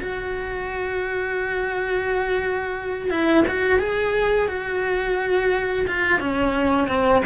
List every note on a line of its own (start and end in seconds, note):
0.00 3.10 F#4
3.10 3.45 E4
3.47 3.79 F#4
3.79 4.48 G#4
4.48 5.86 F#4
5.87 6.19 F4
6.19 6.87 C#4
6.87 7.22 C4